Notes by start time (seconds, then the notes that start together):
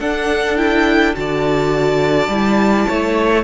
0.00 D4 A4 F#5
0.57 E4 G5
1.15 D3 F#4 D5 A5
2.28 G3 E4
2.88 A3 C#5